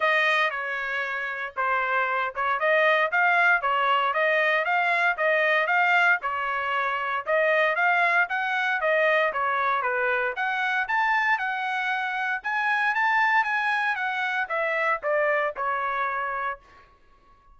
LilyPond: \new Staff \with { instrumentName = "trumpet" } { \time 4/4 \tempo 4 = 116 dis''4 cis''2 c''4~ | c''8 cis''8 dis''4 f''4 cis''4 | dis''4 f''4 dis''4 f''4 | cis''2 dis''4 f''4 |
fis''4 dis''4 cis''4 b'4 | fis''4 a''4 fis''2 | gis''4 a''4 gis''4 fis''4 | e''4 d''4 cis''2 | }